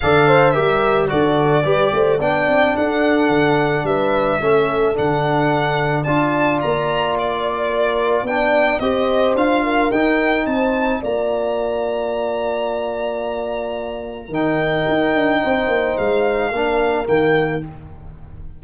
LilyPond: <<
  \new Staff \with { instrumentName = "violin" } { \time 4/4 \tempo 4 = 109 f''4 e''4 d''2 | g''4 fis''2 e''4~ | e''4 fis''2 a''4 | ais''4 d''2 g''4 |
dis''4 f''4 g''4 a''4 | ais''1~ | ais''2 g''2~ | g''4 f''2 g''4 | }
  \new Staff \with { instrumentName = "horn" } { \time 4/4 d''8 c''8 ais'4 a'4 b'8 c''8 | d''4 a'2 b'4 | a'2. d''4~ | d''2 ais'4 d''4 |
c''4. ais'4. c''4 | d''1~ | d''2 ais'2 | c''2 ais'2 | }
  \new Staff \with { instrumentName = "trombone" } { \time 4/4 a'4 g'4 fis'4 g'4 | d'1 | cis'4 d'2 f'4~ | f'2. d'4 |
g'4 f'4 dis'2 | f'1~ | f'2 dis'2~ | dis'2 d'4 ais4 | }
  \new Staff \with { instrumentName = "tuba" } { \time 4/4 d4 g4 d4 g8 a8 | b8 c'8 d'4 d4 g4 | a4 d2 d'4 | ais2. b4 |
c'4 d'4 dis'4 c'4 | ais1~ | ais2 dis4 dis'8 d'8 | c'8 ais8 gis4 ais4 dis4 | }
>>